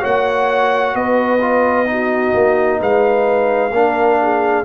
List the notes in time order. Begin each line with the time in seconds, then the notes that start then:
0.00 A#3 F#4 C#5 F#5
0.95 B3 B4 D#5
1.41 F4
1.86 D#4 F#4
2.33 A#3
2.79 G#3 B4 F5
3.71 A#3 D4 A#4
4.21 G#4